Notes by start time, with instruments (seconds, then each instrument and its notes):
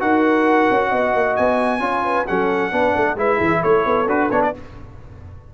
0.00 tuba D#4, trombone F#4, horn A#4, trumpet F#5
0.71 tuba C#4
0.89 tuba B3, horn D#5
1.15 tuba A#3
1.36 tuba B3, trumpet G#5
1.80 tuba C#4, trombone F4, horn C#5
2.05 horn B4
2.27 tuba F#3, trombone C#4, horn A4, trumpet F#5
2.72 tuba B3, trombone D4, horn B4
2.96 tuba A3, horn A4
3.16 tuba G#3, trombone E4, horn B4, trumpet E5
3.37 tuba E3, horn G#4
3.61 tuba A3, horn A4, trumpet C#5
3.86 tuba B3
4.06 tuba D4, trombone F#4, trumpet B4
4.31 tuba B3, trombone D4, trumpet C#5
4.43 trumpet D5